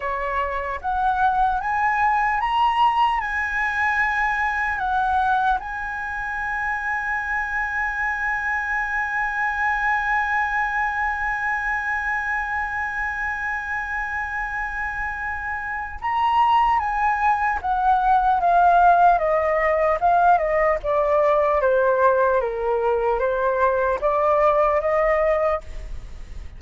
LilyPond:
\new Staff \with { instrumentName = "flute" } { \time 4/4 \tempo 4 = 75 cis''4 fis''4 gis''4 ais''4 | gis''2 fis''4 gis''4~ | gis''1~ | gis''1~ |
gis''1 | ais''4 gis''4 fis''4 f''4 | dis''4 f''8 dis''8 d''4 c''4 | ais'4 c''4 d''4 dis''4 | }